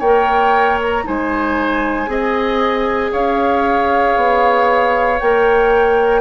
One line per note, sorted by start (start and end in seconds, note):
0.00 1.04 A#3
0.00 1.05 A#4
0.00 1.03 C#5
0.00 0.79 G5
0.82 1.07 A#5
1.05 2.07 G#3
1.05 2.07 D#4
1.05 2.11 C5
1.05 3.13 G#5
2.07 3.11 C4
2.07 5.17 G#4
2.07 3.12 D#5
3.12 4.17 C#4
3.12 6.22 C#5
3.12 5.20 F5
4.17 5.20 B3
5.20 6.22 A#3
5.20 6.22 A#4
5.20 6.22 G5